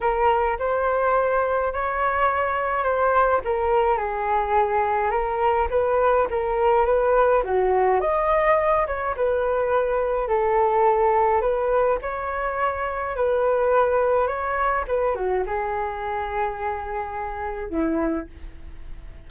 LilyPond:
\new Staff \with { instrumentName = "flute" } { \time 4/4 \tempo 4 = 105 ais'4 c''2 cis''4~ | cis''4 c''4 ais'4 gis'4~ | gis'4 ais'4 b'4 ais'4 | b'4 fis'4 dis''4. cis''8 |
b'2 a'2 | b'4 cis''2 b'4~ | b'4 cis''4 b'8 fis'8 gis'4~ | gis'2. e'4 | }